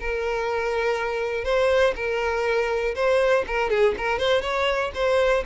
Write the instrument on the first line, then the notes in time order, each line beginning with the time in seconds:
violin
0.00 A#4
1.44 C5
1.96 A#4
2.95 C5
3.48 A#4
3.70 G#4
3.98 A#4
4.19 C5
4.42 C#5
4.95 C5